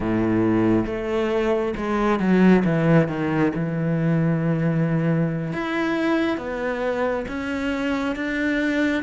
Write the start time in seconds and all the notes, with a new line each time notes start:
0.00 A2
0.86 A3
1.76 G#3
2.19 F#3
2.64 E3
3.08 D#3
3.55 E3
5.52 E4
6.37 B3
7.28 C#4
8.15 D4